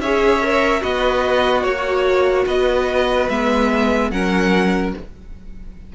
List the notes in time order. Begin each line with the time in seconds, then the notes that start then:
0.00 C#4 G#4 C#5 E5
0.42 A#4
0.81 B3 F#4 B4 D#5
1.63 A#3 F#4 C#5
2.47 B3 B4 D#5
3.29 G#3 B3 E5
4.11 F#3 C#4 A#4 F#5